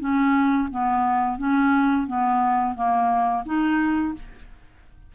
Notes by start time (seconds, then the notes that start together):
0.00 C#4
0.71 B3
1.38 C#4
2.08 B3
2.75 A#3
3.46 D#4